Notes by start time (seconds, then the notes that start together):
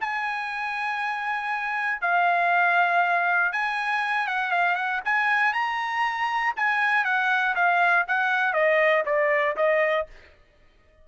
0.00 G#5
2.01 F5
3.52 G#5
4.27 F#5
4.51 F5
4.75 F#5
5.04 G#5
5.53 A#5
6.56 G#5
7.04 F#5
7.55 F5
8.07 F#5
8.53 D#5
9.05 D5
9.56 D#5